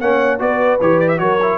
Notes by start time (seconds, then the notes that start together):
0.00 A#3 C#4 C#5 F#5
0.39 B3 F#4 B4 D5
0.81 E3 G4 C#5
1.00 D5
1.08 E5
1.18 F#3 F#4 A#4 C#5
1.42 E4